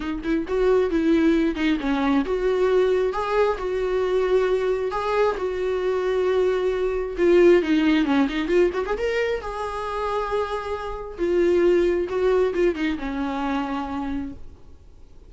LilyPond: \new Staff \with { instrumentName = "viola" } { \time 4/4 \tempo 4 = 134 dis'8 e'8 fis'4 e'4. dis'8 | cis'4 fis'2 gis'4 | fis'2. gis'4 | fis'1 |
f'4 dis'4 cis'8 dis'8 f'8 fis'16 gis'16 | ais'4 gis'2.~ | gis'4 f'2 fis'4 | f'8 dis'8 cis'2. | }